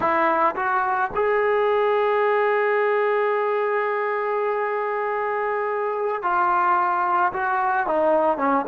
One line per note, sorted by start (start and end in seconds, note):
0.00 0.55 E4
0.55 1.10 F#4
1.14 6.22 G#4
6.22 7.32 F4
7.32 7.86 F#4
7.86 8.37 D#4
8.37 8.65 C#4